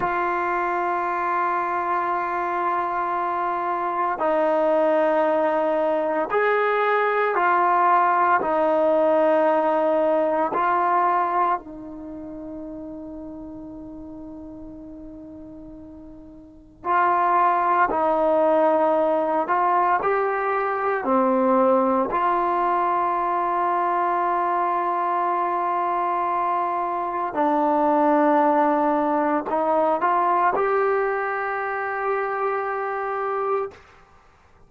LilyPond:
\new Staff \with { instrumentName = "trombone" } { \time 4/4 \tempo 4 = 57 f'1 | dis'2 gis'4 f'4 | dis'2 f'4 dis'4~ | dis'1 |
f'4 dis'4. f'8 g'4 | c'4 f'2.~ | f'2 d'2 | dis'8 f'8 g'2. | }